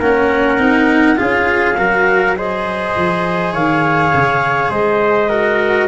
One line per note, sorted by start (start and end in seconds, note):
0.00 0.59 A#3
0.00 0.59 C#4
0.00 1.18 A#4
0.00 1.19 F#5
0.59 1.17 C4
0.59 1.16 D#4
1.16 1.78 C#4
1.16 1.75 F4
1.16 1.78 G#4
1.16 2.36 F5
1.78 2.96 F#3
1.78 2.37 F#4
1.78 2.37 A#4
2.37 5.31 G#4
2.37 3.53 C5
2.37 3.54 D#5
2.96 3.53 F3
3.53 4.12 D#3
3.53 4.71 C#5
3.53 4.72 F5
4.14 4.70 C#3
4.70 5.88 G#3
4.70 5.30 C5
4.70 5.88 D#5
5.30 5.88 F#4
5.30 5.88 A#4